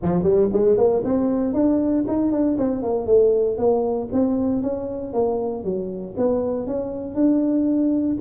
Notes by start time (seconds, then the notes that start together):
0.02 F3
0.23 G3
0.52 G#3
0.77 A#3
1.04 C4
1.53 D4
2.07 D#4
2.31 D4
2.58 C4
2.82 A#3
3.06 A3
3.57 A#3
4.12 C4
4.62 C#4
5.13 A#3
5.64 F#3
6.17 B3
6.66 C#4
7.14 D4